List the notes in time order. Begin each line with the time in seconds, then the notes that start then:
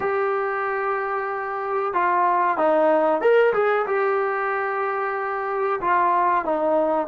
0.00 G4
1.93 F4
2.57 D#4
3.21 A#4
3.53 G#4
3.87 G4
5.81 F4
6.44 D#4